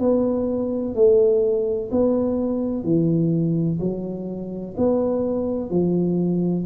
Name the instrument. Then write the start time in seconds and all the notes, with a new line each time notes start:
tuba
0.00 B3
0.95 A3
1.91 B3
2.84 E3
3.80 F#3
4.77 B3
5.70 F3